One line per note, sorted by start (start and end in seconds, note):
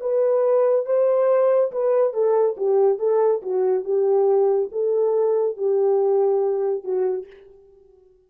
0.00 0.86 B4
0.86 1.71 C5
1.71 2.14 B4
2.14 2.56 A4
2.57 2.99 G4
2.99 3.42 A4
3.42 3.84 F#4
3.84 4.70 G4
4.72 5.57 A4
5.57 6.83 G4
6.83 7.26 F#4